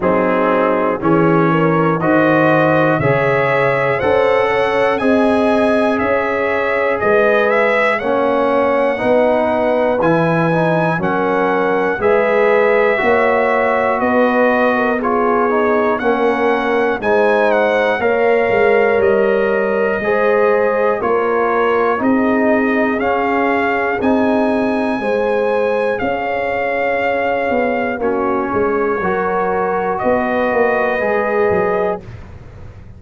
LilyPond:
<<
  \new Staff \with { instrumentName = "trumpet" } { \time 4/4 \tempo 4 = 60 gis'4 cis''4 dis''4 e''4 | fis''4 gis''4 e''4 dis''8 e''8 | fis''2 gis''4 fis''4 | e''2 dis''4 cis''4 |
fis''4 gis''8 fis''8 f''4 dis''4~ | dis''4 cis''4 dis''4 f''4 | gis''2 f''2 | cis''2 dis''2 | }
  \new Staff \with { instrumentName = "horn" } { \time 4/4 dis'4 gis'8 ais'8 c''4 cis''4 | c''8 cis''8 dis''4 cis''4 b'4 | cis''4 b'2 ais'4 | b'4 cis''4 b'8. ais'16 gis'4 |
ais'4 c''4 cis''2 | c''4 ais'4 gis'2~ | gis'4 c''4 cis''2 | fis'8 gis'8 ais'4 b'2 | }
  \new Staff \with { instrumentName = "trombone" } { \time 4/4 c'4 cis'4 fis'4 gis'4 | a'4 gis'2. | cis'4 dis'4 e'8 dis'8 cis'4 | gis'4 fis'2 f'8 dis'8 |
cis'4 dis'4 ais'2 | gis'4 f'4 dis'4 cis'4 | dis'4 gis'2. | cis'4 fis'2 gis'4 | }
  \new Staff \with { instrumentName = "tuba" } { \time 4/4 fis4 e4 dis4 cis4 | cis'4 c'4 cis'4 gis4 | ais4 b4 e4 fis4 | gis4 ais4 b2 |
ais4 gis4 ais8 gis8 g4 | gis4 ais4 c'4 cis'4 | c'4 gis4 cis'4. b8 | ais8 gis8 fis4 b8 ais8 gis8 fis8 | }
>>